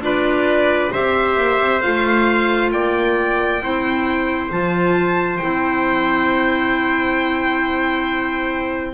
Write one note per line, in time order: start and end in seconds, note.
0.00 0.90 D4
0.00 0.91 F4
0.00 0.92 B4
0.00 0.93 D5
0.92 1.37 C4
0.92 1.82 G4
0.92 2.71 C5
0.92 1.81 E5
1.37 1.59 A#3
1.59 1.82 C4
1.81 2.72 A3
1.81 3.61 F4
1.81 2.71 F5
2.72 3.61 A#3
2.72 3.63 D5
2.72 4.51 G5
3.61 4.51 C4
3.61 4.51 E4
3.61 8.94 C5
4.51 5.41 F3
4.51 5.40 F4
4.51 5.37 A5
5.37 8.94 C4
5.37 8.94 E4
5.37 8.94 G5